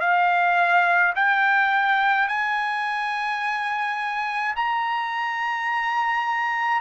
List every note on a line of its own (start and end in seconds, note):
0.00 1.13 F5
1.15 2.28 G5
2.28 4.54 G#5
4.55 6.81 A#5